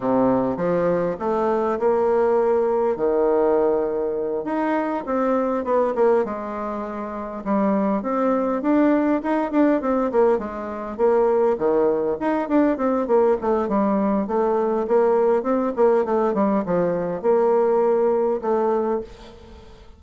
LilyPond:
\new Staff \with { instrumentName = "bassoon" } { \time 4/4 \tempo 4 = 101 c4 f4 a4 ais4~ | ais4 dis2~ dis8 dis'8~ | dis'8 c'4 b8 ais8 gis4.~ | gis8 g4 c'4 d'4 dis'8 |
d'8 c'8 ais8 gis4 ais4 dis8~ | dis8 dis'8 d'8 c'8 ais8 a8 g4 | a4 ais4 c'8 ais8 a8 g8 | f4 ais2 a4 | }